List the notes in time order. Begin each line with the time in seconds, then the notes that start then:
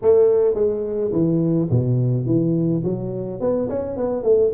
0.02 A3
0.54 G#3
1.12 E3
1.70 B2
2.26 E3
2.84 F#3
3.40 B3
3.69 C#4
3.96 B3
4.23 A3